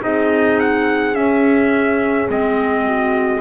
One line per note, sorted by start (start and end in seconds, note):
0.00 1.15 C4
0.00 1.13 D#4
0.00 2.84 G#4
0.00 0.60 D#5
0.60 1.15 F#5
1.14 2.27 C#4
1.14 2.28 C#4
1.14 2.28 E5
2.28 3.41 G#3
2.28 3.41 C4
2.28 3.41 D#5
2.86 3.41 F#4